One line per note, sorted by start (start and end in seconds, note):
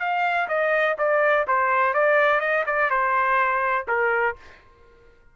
0.00 0.48 F5
0.48 0.96 D#5
0.98 1.46 D5
1.47 1.94 C5
1.94 2.40 D5
2.40 2.64 D#5
2.66 2.90 D5
2.90 3.86 C5
3.88 4.36 A#4